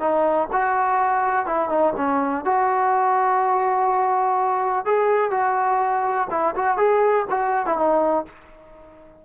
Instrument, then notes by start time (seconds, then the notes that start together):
trombone
0.00 D#4
0.53 F#4
1.46 E4
1.69 D#4
1.97 C#4
2.45 F#4
4.86 G#4
5.31 F#4
6.31 E4
6.56 F#4
6.77 G#4
7.30 F#4
7.66 E4
7.77 D#4